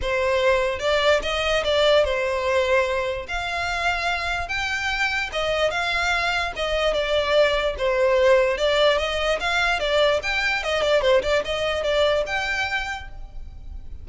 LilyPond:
\new Staff \with { instrumentName = "violin" } { \time 4/4 \tempo 4 = 147 c''2 d''4 dis''4 | d''4 c''2. | f''2. g''4~ | g''4 dis''4 f''2 |
dis''4 d''2 c''4~ | c''4 d''4 dis''4 f''4 | d''4 g''4 dis''8 d''8 c''8 d''8 | dis''4 d''4 g''2 | }